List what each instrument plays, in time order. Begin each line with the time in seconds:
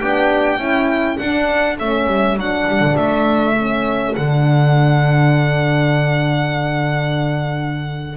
0.00 double bass B3, horn D4, trumpet G4, violin G5
0.58 double bass C#4, horn E4, trumpet A4
1.18 horn D4, double bass D4, violin F#5
1.79 double bass A3, horn C#4, violin E5
2.07 double bass G3
2.36 double bass F#3, horn D4, violin F#5
2.69 double bass G3
2.81 double bass D3
2.97 double bass A3, violin E5
3.59 horn C#4
4.15 double bass D3, horn D4, violin F#5